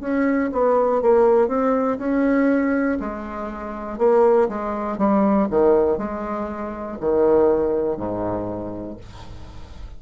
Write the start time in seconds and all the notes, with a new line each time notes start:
0.00 C#4
0.52 B3
1.01 A#3
1.48 C4
1.98 C#4
3.00 G#3
3.98 A#3
4.49 G#3
4.97 G3
5.50 D#3
5.98 G#3
7.00 D#3
7.97 G#2